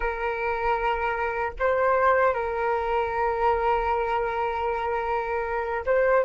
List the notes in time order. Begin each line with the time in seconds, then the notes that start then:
0.00 A#4
1.59 C5
2.34 A#4
5.85 C5